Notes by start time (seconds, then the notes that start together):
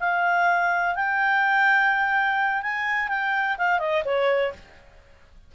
0.00 F5
0.96 G5
2.63 G#5
3.09 G5
3.58 F5
3.79 D#5
4.05 C#5